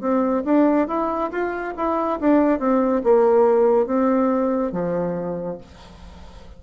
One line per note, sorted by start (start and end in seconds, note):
0.00 0.43 C4
0.45 0.87 D4
0.87 1.30 E4
1.31 1.74 F4
1.76 2.19 E4
2.20 2.59 D4
2.59 3.02 C4
3.04 3.86 A#3
3.86 4.72 C4
4.72 5.58 F3